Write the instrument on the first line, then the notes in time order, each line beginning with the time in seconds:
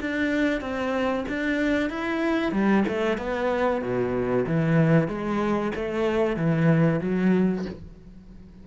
cello
0.00 D4
0.60 C4
1.28 D4
1.89 E4
2.52 G3
2.88 A3
3.17 B3
3.81 B2
4.46 E3
5.08 G#3
5.75 A3
6.36 E3
7.01 F#3